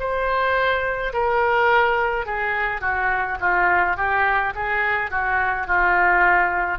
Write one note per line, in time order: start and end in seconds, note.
0.00 1.13 C5
1.14 2.26 A#4
2.26 2.81 G#4
2.81 3.38 F#4
3.41 3.97 F4
3.97 4.54 G4
4.56 5.11 G#4
5.11 5.68 F#4
5.68 6.79 F4